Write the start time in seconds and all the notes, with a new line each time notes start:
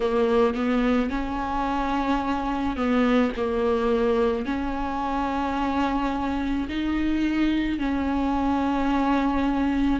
0.00 A#3
0.54 B3
1.10 C#4
2.76 B3
3.36 A#3
4.45 C#4
6.68 D#4
7.78 C#4